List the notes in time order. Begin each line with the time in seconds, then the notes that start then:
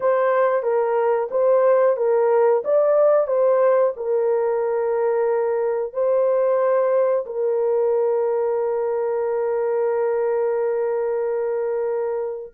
0.00 C5
0.63 A#4
1.30 C5
1.97 A#4
2.64 D5
3.27 C5
3.96 A#4
5.93 C5
7.26 A#4